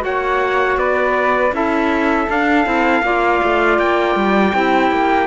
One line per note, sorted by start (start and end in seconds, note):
0.00 0.77 A#3
0.00 1.50 F#4
0.00 0.79 C#5
0.00 0.79 F#5
0.77 1.52 B3
0.77 1.54 B4
0.77 1.54 D5
1.52 2.27 C#4
1.52 2.28 E4
1.52 3.05 A4
1.52 2.30 E5
2.28 2.65 D4
2.28 2.66 D4
2.28 3.79 F5
2.65 3.03 C4
2.65 3.03 E4
3.03 3.40 A#3
3.03 4.54 F4
3.03 4.54 D5
3.44 3.79 A3
3.79 4.16 A#3
3.79 5.27 G5
4.16 4.53 G3
4.54 4.92 C4
4.54 5.27 E4
4.54 5.27 G4
4.92 5.27 A#3